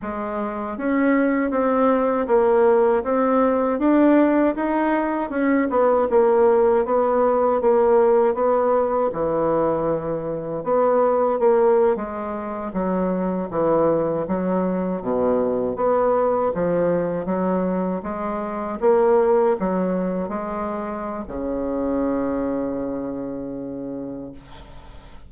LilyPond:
\new Staff \with { instrumentName = "bassoon" } { \time 4/4 \tempo 4 = 79 gis4 cis'4 c'4 ais4 | c'4 d'4 dis'4 cis'8 b8 | ais4 b4 ais4 b4 | e2 b4 ais8. gis16~ |
gis8. fis4 e4 fis4 b,16~ | b,8. b4 f4 fis4 gis16~ | gis8. ais4 fis4 gis4~ gis16 | cis1 | }